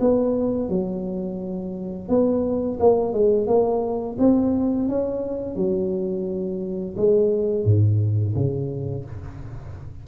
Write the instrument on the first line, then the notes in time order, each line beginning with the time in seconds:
tuba
0.00 B3
0.69 F#3
2.08 B3
2.80 A#3
3.13 G#3
3.47 A#3
4.19 C4
4.88 C#4
5.56 F#3
6.96 G#3
7.65 G#2
8.35 C#3